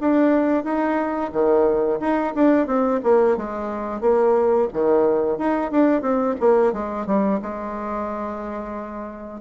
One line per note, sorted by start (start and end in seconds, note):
0.00 0.64 D4
0.64 1.31 D#4
1.32 1.99 D#3
2.00 2.34 D#4
2.35 2.67 D4
2.67 3.00 C4
3.03 3.36 A#3
3.36 4.01 G#3
4.01 4.68 A#3
4.73 5.38 D#3
5.38 5.71 D#4
5.71 6.01 D4
6.01 6.35 C4
6.40 6.73 A#3
6.73 7.06 G#3
7.06 7.40 G3
7.42 9.41 G#3